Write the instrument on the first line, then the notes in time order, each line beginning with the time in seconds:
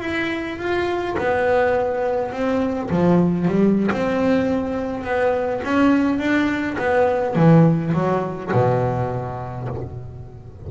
double bass
0.00 E4
0.58 F4
1.18 B3
2.32 C4
2.90 F3
3.47 G3
3.91 C4
5.03 B3
5.64 C#4
6.18 D4
6.78 B3
7.35 E3
7.94 F#3
8.52 B2